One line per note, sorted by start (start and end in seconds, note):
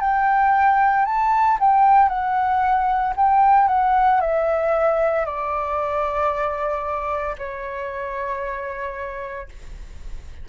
0.00 1.05 G5
1.05 1.58 A5
1.60 2.09 G5
2.09 3.14 F#5
3.16 3.68 G5
3.68 4.21 F#5
4.21 5.25 E5
5.25 7.36 D5
7.38 9.49 C#5